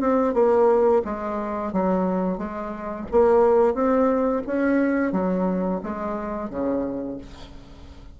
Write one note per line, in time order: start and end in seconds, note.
0.00 0.33 C4
0.33 1.02 A#3
1.04 1.72 G#3
1.72 2.37 F#3
2.37 3.06 G#3
3.11 3.74 A#3
3.74 4.42 C4
4.46 5.12 C#4
5.12 5.80 F#3
5.83 6.49 G#3
6.49 7.17 C#3